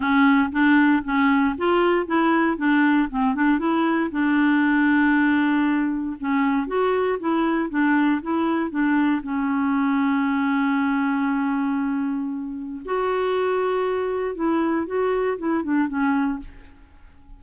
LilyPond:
\new Staff \with { instrumentName = "clarinet" } { \time 4/4 \tempo 4 = 117 cis'4 d'4 cis'4 f'4 | e'4 d'4 c'8 d'8 e'4 | d'1 | cis'4 fis'4 e'4 d'4 |
e'4 d'4 cis'2~ | cis'1~ | cis'4 fis'2. | e'4 fis'4 e'8 d'8 cis'4 | }